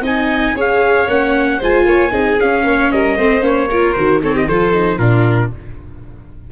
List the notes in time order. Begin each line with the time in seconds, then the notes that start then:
0.00 C4 D#4 D#5 G#5
0.54 C#4 G#4 C#5 F5
1.07 A#3 C#4 F#5
1.57 G#3 F4 C5 G#5
1.85 A#3 C#5
2.11 C4 D#4 G#4
2.39 C#4 F5
2.63 A#3 C#5
2.91 G3 A#4 D#5
3.16 A3 C4 C5
3.40 A#3 C#4 C#5
3.69 F4 A#4
3.92 D#3 F#4 C5
4.22 C4 A4 C#5
4.33 G4 D#5
4.47 F3 F4 A4 C5
4.72 D#4
4.97 A#2 D4 F4 A#4